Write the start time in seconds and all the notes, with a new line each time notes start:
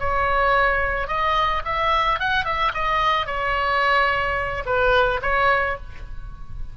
0.00 C#5
1.08 D#5
1.65 E5
2.20 F#5
2.45 E5
2.74 D#5
3.27 C#5
4.66 B4
5.22 C#5